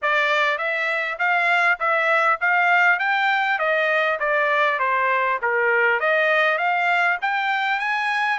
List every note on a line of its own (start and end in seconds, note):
0.01 0.58 D5
0.58 1.18 E5
1.18 1.78 F5
1.79 2.39 E5
2.40 2.99 F5
2.99 3.58 G5
3.58 4.18 D#5
4.19 4.79 D5
4.79 5.39 C5
5.42 6.00 A#4
6.00 6.58 D#5
6.58 7.18 F5
7.21 7.79 G5
7.79 8.38 G#5